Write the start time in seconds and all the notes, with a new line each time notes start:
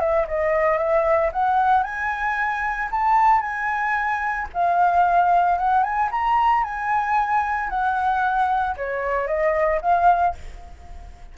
0.00 E5
0.28 D#5
0.78 E5
1.33 F#5
1.83 G#5
2.91 A5
3.41 G#5
4.54 F5
5.58 F#5
5.83 G#5
6.11 A#5
6.64 G#5
7.70 F#5
8.77 C#5
9.27 D#5
9.82 F5